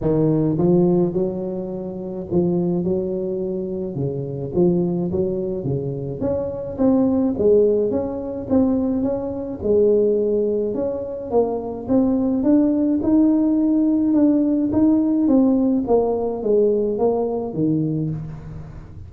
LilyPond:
\new Staff \with { instrumentName = "tuba" } { \time 4/4 \tempo 4 = 106 dis4 f4 fis2 | f4 fis2 cis4 | f4 fis4 cis4 cis'4 | c'4 gis4 cis'4 c'4 |
cis'4 gis2 cis'4 | ais4 c'4 d'4 dis'4~ | dis'4 d'4 dis'4 c'4 | ais4 gis4 ais4 dis4 | }